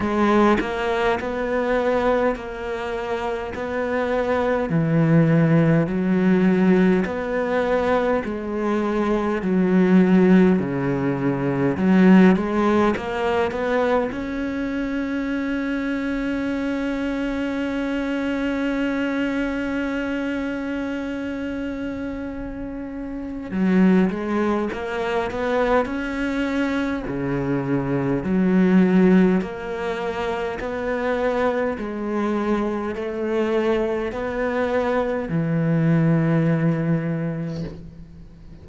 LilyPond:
\new Staff \with { instrumentName = "cello" } { \time 4/4 \tempo 4 = 51 gis8 ais8 b4 ais4 b4 | e4 fis4 b4 gis4 | fis4 cis4 fis8 gis8 ais8 b8 | cis'1~ |
cis'1 | fis8 gis8 ais8 b8 cis'4 cis4 | fis4 ais4 b4 gis4 | a4 b4 e2 | }